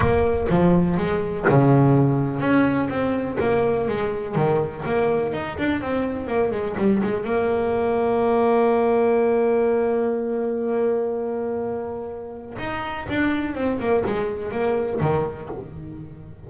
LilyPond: \new Staff \with { instrumentName = "double bass" } { \time 4/4 \tempo 4 = 124 ais4 f4 gis4 cis4~ | cis4 cis'4 c'4 ais4 | gis4 dis4 ais4 dis'8 d'8 | c'4 ais8 gis8 g8 gis8 ais4~ |
ais1~ | ais1~ | ais2 dis'4 d'4 | c'8 ais8 gis4 ais4 dis4 | }